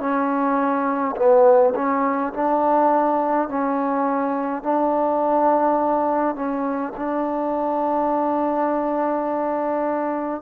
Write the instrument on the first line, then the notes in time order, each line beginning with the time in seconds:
trombone
0.00 C#4
1.16 B3
1.75 C#4
2.33 D4
3.49 C#4
4.63 D4
6.36 C#4
6.97 D4